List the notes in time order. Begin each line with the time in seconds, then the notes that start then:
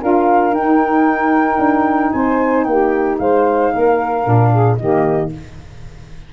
0.00 D4 F4 A#4 F5
0.51 D#4 G5
1.59 D4
2.12 C4 C5 G#5
2.64 A#3 G4 G5
3.18 G#3 C5 F5
3.73 A#3 A#4
4.23 A#2 D4
4.51 G#4
4.76 D#3 A#3 G4 D#5